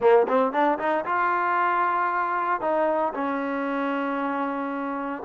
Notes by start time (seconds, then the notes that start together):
0.00 A#3
0.28 C4
0.52 D4
0.78 D#4
1.05 F4
2.61 D#4
3.14 C#4